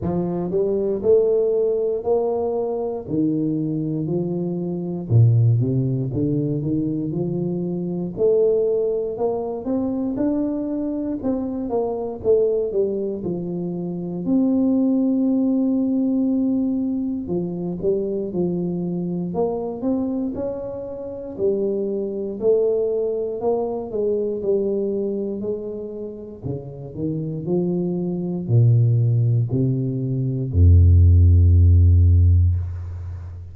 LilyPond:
\new Staff \with { instrumentName = "tuba" } { \time 4/4 \tempo 4 = 59 f8 g8 a4 ais4 dis4 | f4 ais,8 c8 d8 dis8 f4 | a4 ais8 c'8 d'4 c'8 ais8 | a8 g8 f4 c'2~ |
c'4 f8 g8 f4 ais8 c'8 | cis'4 g4 a4 ais8 gis8 | g4 gis4 cis8 dis8 f4 | ais,4 c4 f,2 | }